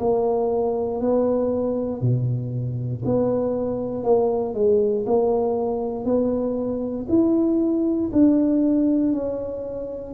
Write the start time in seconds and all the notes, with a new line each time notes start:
0.00 A#3
1.01 B3
2.02 B2
3.05 B3
4.04 A#3
4.54 G#3
5.06 A#3
6.05 B3
7.09 E4
8.13 D4
9.13 C#4